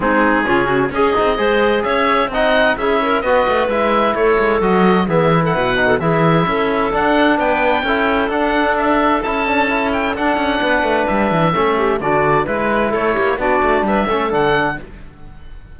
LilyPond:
<<
  \new Staff \with { instrumentName = "oboe" } { \time 4/4 \tempo 4 = 130 gis'2 dis''2 | e''4 fis''4 e''4 dis''4 | e''4 cis''4 dis''4 e''8. fis''16~ | fis''4 e''2 fis''4 |
g''2 fis''4 e''4 | a''4. g''8 fis''2 | e''2 d''4 b'4 | cis''4 d''4 e''4 fis''4 | }
  \new Staff \with { instrumentName = "clarinet" } { \time 4/4 dis'4 f'8 fis'8 gis'4 c''4 | cis''4 dis''4 gis'8 ais'8 b'4~ | b'4 a'2 gis'8. a'16 | b'8. a'16 gis'4 a'2 |
b'4 a'2.~ | a'2. b'4~ | b'4 a'8 g'8 fis'4 b'4 | a'8 g'8 fis'4 b'8 a'4. | }
  \new Staff \with { instrumentName = "trombone" } { \time 4/4 c'4 cis'4 gis'8 dis'8 gis'4~ | gis'4 dis'4 e'4 fis'4 | e'2 fis'4 b8 e'8~ | e'8 dis'8 e'2 d'4~ |
d'4 e'4 d'2 | e'8 d'8 e'4 d'2~ | d'4 cis'4 d'4 e'4~ | e'4 d'4. cis'8 d'4 | }
  \new Staff \with { instrumentName = "cello" } { \time 4/4 gis4 cis4 cis'8 c'8 gis4 | cis'4 c'4 cis'4 b8 a8 | gis4 a8 gis8 fis4 e4 | b,4 e4 cis'4 d'4 |
b4 cis'4 d'2 | cis'2 d'8 cis'8 b8 a8 | g8 e8 a4 d4 gis4 | a8 ais8 b8 a8 g8 a8 d4 | }
>>